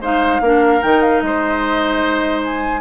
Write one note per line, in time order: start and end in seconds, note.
0.00 0.40 G#3
0.00 0.42 D#4
0.00 0.41 C5
0.00 0.83 F5
0.41 0.81 A#3
0.41 0.82 D4
0.41 1.23 A#4
0.82 1.22 D#3
0.82 2.81 D#4
0.82 1.02 G5
1.02 1.21 F5
1.21 2.81 G#3
1.21 2.81 C5
1.21 2.41 D#5
2.44 2.81 G#5